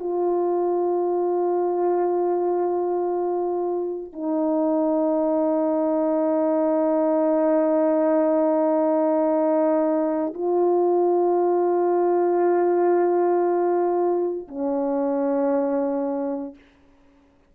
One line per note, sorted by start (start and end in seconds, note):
0.00 4.13 F4
4.13 10.34 D#4
10.34 14.48 F4
14.48 16.55 C#4